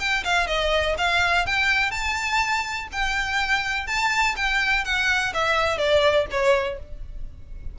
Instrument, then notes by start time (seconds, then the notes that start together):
violin
0.00 G5
0.25 F5
0.48 D#5
0.98 F5
1.46 G5
1.91 A5
2.93 G5
3.88 A5
4.37 G5
4.85 F#5
5.34 E5
5.78 D5
6.31 C#5